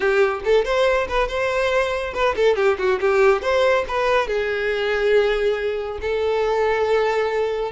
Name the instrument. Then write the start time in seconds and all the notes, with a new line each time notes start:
violin
0.00 G4
0.44 A4
0.64 C5
1.08 B4
1.28 C5
2.13 B4
2.36 A4
2.56 G4
2.78 F#4
3.00 G4
3.42 C5
3.88 B4
4.27 G#4
6.01 A4